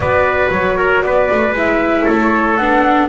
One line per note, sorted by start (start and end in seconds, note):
0.00 0.48 B3
0.00 1.56 F#4
0.00 0.77 B4
0.00 0.50 D5
0.50 1.02 F#3
0.50 1.02 C#5
0.77 1.03 A#4
1.02 1.29 B3
1.02 2.05 B4
1.02 1.54 D5
1.31 1.52 A3
1.52 2.04 G#3
1.52 2.59 E4
1.52 2.08 E5
2.05 2.58 A3
2.05 3.08 A4
2.05 2.56 C#5
2.56 3.09 B3
2.56 3.09 D4
2.56 3.08 F#5